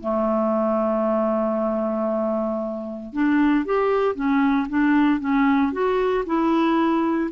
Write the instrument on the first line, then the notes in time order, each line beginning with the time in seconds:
clarinet
0.00 A3
3.13 D4
3.65 G4
4.15 C#4
4.69 D4
5.20 C#4
5.72 F#4
6.26 E4